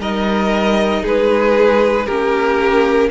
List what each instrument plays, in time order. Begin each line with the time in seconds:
0.00 cello G3, viola D#4, violin A#4 D#5
1.03 cello G#3, violin G#4 B4
2.06 cello A#3, viola C#4, violin G4 A#4